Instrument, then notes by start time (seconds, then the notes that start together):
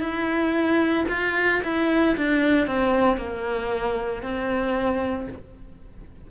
cello
0.00 E4
1.09 F4
1.63 E4
2.17 D4
2.67 C4
3.17 A#3
4.22 C4